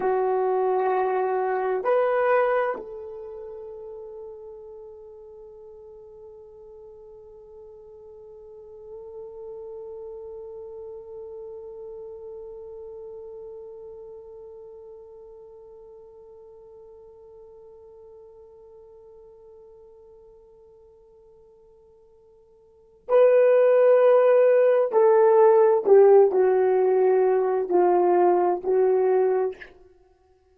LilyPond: \new Staff \with { instrumentName = "horn" } { \time 4/4 \tempo 4 = 65 fis'2 b'4 a'4~ | a'1~ | a'1~ | a'1~ |
a'1~ | a'1~ | a'4 b'2 a'4 | g'8 fis'4. f'4 fis'4 | }